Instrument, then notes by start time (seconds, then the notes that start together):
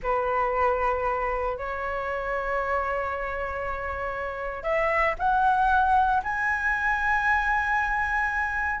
flute
0.03 B4
1.57 C#5
4.63 E5
5.19 F#5
6.23 G#5